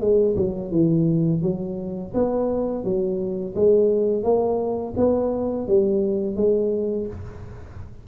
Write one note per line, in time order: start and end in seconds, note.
0.00 0.35 G#3
0.36 0.71 F#3
0.71 1.41 E3
1.42 2.12 F#3
2.14 2.84 B3
2.84 3.54 F#3
3.55 4.23 G#3
4.23 4.93 A#3
4.97 5.67 B3
5.67 6.36 G3
6.36 7.07 G#3